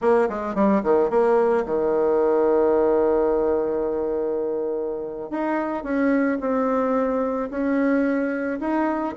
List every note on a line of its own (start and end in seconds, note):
0.01 0.28 A#3
0.29 0.55 G#3
0.55 0.82 G3
0.83 1.10 D#3
1.10 1.64 A#3
1.65 5.30 D#3
5.30 5.83 D#4
5.83 6.38 C#4
6.40 7.49 C4
7.50 8.59 C#4
8.60 9.14 D#4